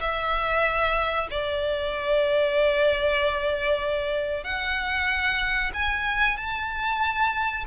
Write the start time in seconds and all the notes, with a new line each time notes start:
0.00 E5
1.31 D5
4.44 F#5
5.74 G#5
6.37 A5